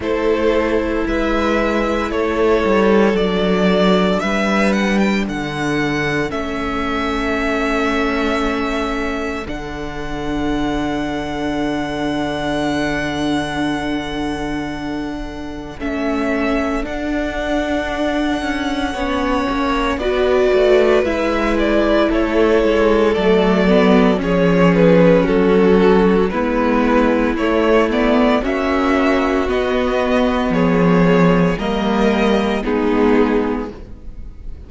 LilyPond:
<<
  \new Staff \with { instrumentName = "violin" } { \time 4/4 \tempo 4 = 57 c''4 e''4 cis''4 d''4 | e''8 fis''16 g''16 fis''4 e''2~ | e''4 fis''2.~ | fis''2. e''4 |
fis''2. d''4 | e''8 d''8 cis''4 d''4 cis''8 b'8 | a'4 b'4 cis''8 d''8 e''4 | dis''4 cis''4 dis''4 gis'4 | }
  \new Staff \with { instrumentName = "violin" } { \time 4/4 a'4 b'4 a'2 | b'4 a'2.~ | a'1~ | a'1~ |
a'2 cis''4 b'4~ | b'4 a'2 gis'4 | fis'4 e'2 fis'4~ | fis'4 gis'4 ais'4 dis'4 | }
  \new Staff \with { instrumentName = "viola" } { \time 4/4 e'2. d'4~ | d'2 cis'2~ | cis'4 d'2.~ | d'2. cis'4 |
d'2 cis'4 fis'4 | e'2 a8 b8 cis'4~ | cis'4 b4 a8 b8 cis'4 | b2 ais4 b4 | }
  \new Staff \with { instrumentName = "cello" } { \time 4/4 a4 gis4 a8 g8 fis4 | g4 d4 a2~ | a4 d2.~ | d2. a4 |
d'4. cis'8 b8 ais8 b8 a8 | gis4 a8 gis8 fis4 f4 | fis4 gis4 a4 ais4 | b4 f4 g4 gis4 | }
>>